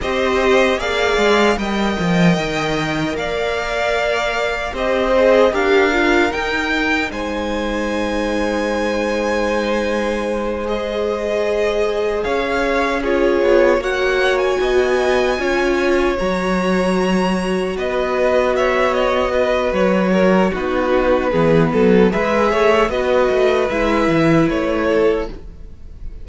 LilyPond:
<<
  \new Staff \with { instrumentName = "violin" } { \time 4/4 \tempo 4 = 76 dis''4 f''4 g''2 | f''2 dis''4 f''4 | g''4 gis''2.~ | gis''4. dis''2 f''8~ |
f''8 cis''4 fis''8. gis''4.~ gis''16~ | gis''8 ais''2 dis''4 e''8 | dis''4 cis''4 b'2 | e''4 dis''4 e''4 cis''4 | }
  \new Staff \with { instrumentName = "violin" } { \time 4/4 c''4 d''4 dis''2 | d''2 c''4 ais'4~ | ais'4 c''2.~ | c''2.~ c''8 cis''8~ |
cis''8 gis'4 cis''4 dis''4 cis''8~ | cis''2~ cis''8 b'4 cis''8~ | cis''8 b'4 ais'8 fis'4 gis'8 a'8 | b'8 cis''8 b'2~ b'8 a'8 | }
  \new Staff \with { instrumentName = "viola" } { \time 4/4 g'4 gis'4 ais'2~ | ais'2 g'8 gis'8 g'8 f'8 | dis'1~ | dis'4. gis'2~ gis'8~ |
gis'8 f'4 fis'2 f'8~ | f'8 fis'2.~ fis'8~ | fis'2 dis'4 b4 | gis'4 fis'4 e'2 | }
  \new Staff \with { instrumentName = "cello" } { \time 4/4 c'4 ais8 gis8 g8 f8 dis4 | ais2 c'4 d'4 | dis'4 gis2.~ | gis2.~ gis8 cis'8~ |
cis'4 b8 ais4 b4 cis'8~ | cis'8 fis2 b4.~ | b4 fis4 b4 e8 fis8 | gis8 a8 b8 a8 gis8 e8 a4 | }
>>